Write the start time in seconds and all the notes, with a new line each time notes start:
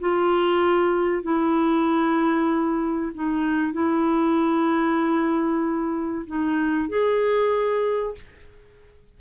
0.00 F4
1.23 E4
3.15 D#4
3.73 E4
6.27 D#4
6.89 G#4